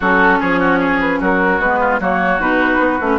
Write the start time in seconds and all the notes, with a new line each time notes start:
0.00 F#3 C#4 F#4 A4
0.40 F3 G#4 C#5
0.60 F#4
0.79 G#4
1.00 B4
1.20 F#3 F#4 A#4
1.59 G#3 B3 B4
1.79 F4
1.99 F#3 A#3 F#4 C#5
2.39 B2 D#4 B4
2.78 B3
3.00 A3 C#4